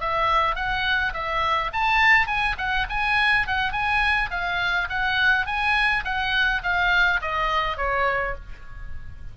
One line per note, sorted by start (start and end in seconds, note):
0.00 0.55 E5
0.55 1.13 F#5
1.13 1.71 E5
1.73 2.27 A5
2.27 2.56 G#5
2.58 2.86 F#5
2.89 3.47 G#5
3.47 3.72 F#5
3.72 4.30 G#5
4.31 4.88 F5
4.89 5.46 F#5
5.46 6.04 G#5
6.04 6.62 F#5
6.63 7.20 F5
7.21 7.77 D#5
7.77 8.35 C#5